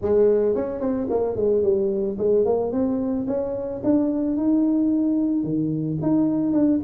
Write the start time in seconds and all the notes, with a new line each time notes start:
0.01 G#3
0.55 C#4
0.80 C4
1.10 A#3
1.36 G#3
1.62 G3
2.18 G#3
2.45 A#3
2.71 C4
3.27 C#4
3.83 D4
4.36 D#4
5.43 D#3
6.01 D#4
6.52 D4